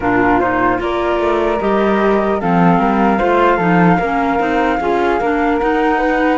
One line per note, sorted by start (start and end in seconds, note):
0.00 0.78 A#2
0.00 0.41 D4
0.00 0.81 F4
0.00 0.39 A#4
0.39 0.77 D#4
0.39 0.79 C5
0.77 1.19 A#3
0.77 1.57 F4
0.77 2.41 A#4
0.77 1.60 D5
1.19 1.59 A3
1.60 2.41 G3
1.60 2.40 G4
1.60 2.40 D#5
2.40 2.79 F3
2.40 3.20 C4
2.40 2.80 A4
2.40 5.59 F5
2.79 3.19 G3
2.79 3.18 A#4
3.18 3.58 A3
3.18 3.59 F4
3.18 3.56 C5
3.56 3.98 F3
3.56 3.99 D#4
3.56 3.96 A4
3.98 4.39 A#3
3.98 4.39 C#4
3.98 4.78 A#4
4.39 4.79 C4
4.39 4.79 D#4
4.80 5.20 C#4
4.80 5.20 F4
4.80 5.20 G#4
5.20 5.61 A#3
5.20 5.60 D4
5.20 5.98 A#4
5.59 6.38 D#4
5.59 6.38 F#5
5.98 6.38 B4